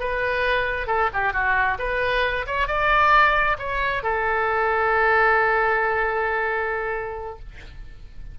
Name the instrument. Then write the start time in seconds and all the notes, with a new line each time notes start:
oboe
0.00 B4
0.87 A4
1.14 G4
1.34 F#4
1.79 B4
2.47 C#5
2.68 D5
3.59 C#5
4.03 A4